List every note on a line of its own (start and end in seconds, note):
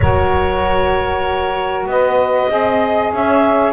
0.00 1.86 F#3
0.00 2.49 F#4
0.00 1.89 A#4
0.00 1.85 C#5
1.86 2.48 B3
1.86 2.50 B4
1.86 3.13 D#5
2.49 3.11 C4
2.49 3.73 G#4
2.49 3.12 D#5
3.12 3.73 C#4
3.12 3.73 C#5
3.12 3.73 E5